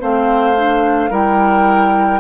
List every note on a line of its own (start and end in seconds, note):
0.00 1.11 A3
0.00 0.56 C4
0.00 1.10 C5
0.00 1.13 F5
0.56 1.11 D4
1.10 2.20 G3
1.10 2.20 E4
1.10 2.20 A#4
1.10 2.20 G5